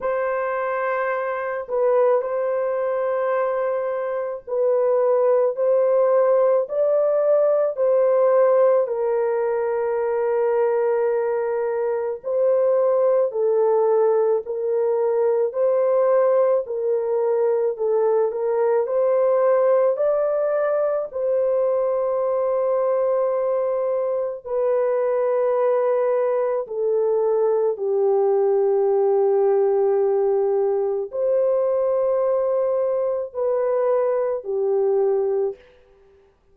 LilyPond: \new Staff \with { instrumentName = "horn" } { \time 4/4 \tempo 4 = 54 c''4. b'8 c''2 | b'4 c''4 d''4 c''4 | ais'2. c''4 | a'4 ais'4 c''4 ais'4 |
a'8 ais'8 c''4 d''4 c''4~ | c''2 b'2 | a'4 g'2. | c''2 b'4 g'4 | }